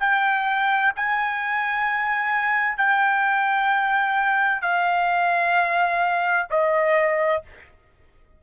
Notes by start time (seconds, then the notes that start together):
0.00 G5
0.96 G#5
2.78 G5
4.62 F5
6.50 D#5